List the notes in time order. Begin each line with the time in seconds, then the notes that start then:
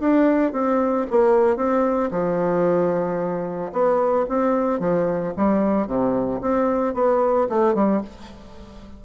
0.00 D4
0.52 C4
1.10 A#3
1.56 C4
2.11 F3
3.72 B3
4.29 C4
4.79 F3
5.37 G3
5.87 C3
6.41 C4
6.94 B3
7.49 A3
7.74 G3